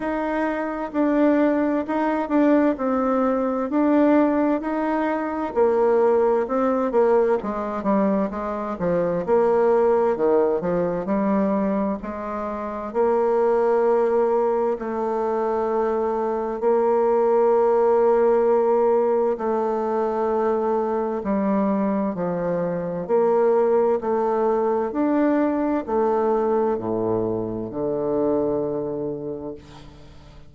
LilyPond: \new Staff \with { instrumentName = "bassoon" } { \time 4/4 \tempo 4 = 65 dis'4 d'4 dis'8 d'8 c'4 | d'4 dis'4 ais4 c'8 ais8 | gis8 g8 gis8 f8 ais4 dis8 f8 | g4 gis4 ais2 |
a2 ais2~ | ais4 a2 g4 | f4 ais4 a4 d'4 | a4 a,4 d2 | }